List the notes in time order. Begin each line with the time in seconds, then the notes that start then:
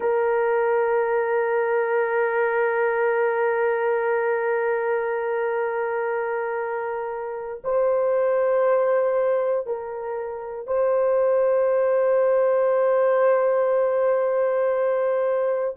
0.00 A#4
7.64 C5
9.66 A#4
10.66 C5